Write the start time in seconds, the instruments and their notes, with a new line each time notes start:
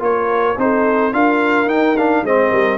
0.00 tuba A#3, trombone F4, horn A#4, trumpet C#5
0.58 tuba C4, trombone D#4, horn A4, trumpet C5
1.13 tuba D4, trombone F4, horn A#4, trumpet F5
1.66 tuba D#4, trombone D#4, trumpet G5
1.97 trombone D4, trumpet F5
2.23 tuba G#3, trombone C4, horn C5, trumpet D#5
2.52 tuba G3, horn A#4